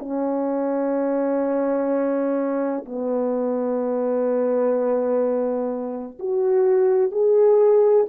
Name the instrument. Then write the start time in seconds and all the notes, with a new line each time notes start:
horn
0.00 C#4
2.86 B3
6.20 F#4
7.12 G#4